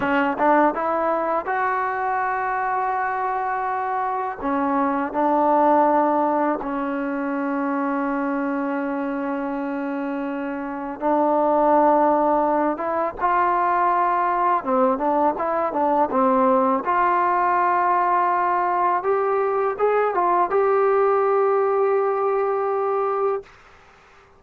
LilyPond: \new Staff \with { instrumentName = "trombone" } { \time 4/4 \tempo 4 = 82 cis'8 d'8 e'4 fis'2~ | fis'2 cis'4 d'4~ | d'4 cis'2.~ | cis'2. d'4~ |
d'4. e'8 f'2 | c'8 d'8 e'8 d'8 c'4 f'4~ | f'2 g'4 gis'8 f'8 | g'1 | }